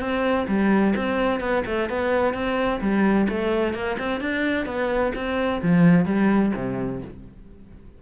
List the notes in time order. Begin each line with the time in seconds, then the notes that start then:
0.00 C4
0.48 G3
0.96 C4
1.41 B3
1.66 A3
1.89 B3
2.34 C4
2.81 G3
3.29 A3
3.74 A#3
3.99 C4
4.21 D4
4.66 B3
5.15 C4
5.62 F3
6.06 G3
6.56 C3